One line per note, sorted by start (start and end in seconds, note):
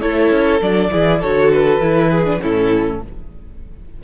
0.00 0.30 A3
0.00 0.60 E4
0.00 0.90 A4
0.00 0.60 C#5
0.30 0.60 C#4
0.61 0.91 F#3
0.61 0.91 D4
0.61 1.21 D5
0.91 1.23 E3
0.91 1.21 E4
0.91 1.20 G#4
1.20 1.79 D3
1.20 1.81 F#4
1.20 2.10 A4
1.20 1.51 C#5
1.51 2.41 B4
1.79 2.39 E3
1.79 2.25 E4
2.10 2.40 G#4
2.25 2.40 D4
2.41 3.03 A2
2.41 3.01 C#4
2.41 3.02 E4
2.41 3.02 A4